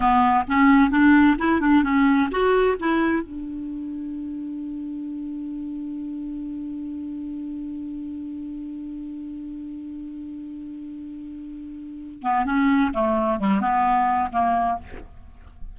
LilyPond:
\new Staff \with { instrumentName = "clarinet" } { \time 4/4 \tempo 4 = 130 b4 cis'4 d'4 e'8 d'8 | cis'4 fis'4 e'4 d'4~ | d'1~ | d'1~ |
d'1~ | d'1~ | d'2~ d'8 b8 cis'4 | a4 g8 b4. ais4 | }